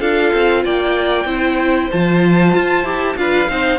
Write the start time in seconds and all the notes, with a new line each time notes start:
0.00 D4 F4 A4 F5
0.34 C4
0.65 A#3 D5 G5
1.25 C4 E4 C5
1.91 F3 F4 A5
2.55 F4
2.84 E4 G4
3.16 D4 F4 B4 F5
3.48 C4 D#4 C5